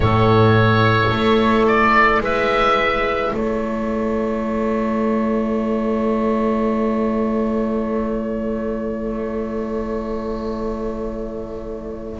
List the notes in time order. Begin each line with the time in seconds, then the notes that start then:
0.00 A2 E4 A4 C#5
1.11 A3
1.66 D5
2.20 G#3 B4 E5
3.33 A3 A4 C#5